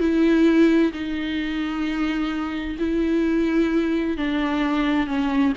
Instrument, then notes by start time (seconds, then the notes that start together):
viola
0.00 E4
0.93 D#4
2.79 E4
4.17 D4
5.07 C#4